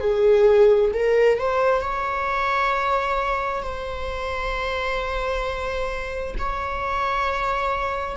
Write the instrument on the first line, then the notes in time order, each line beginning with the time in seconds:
viola
0.00 G#4
0.93 A#4
1.38 C5
1.81 C#5
3.62 C5
6.38 C#5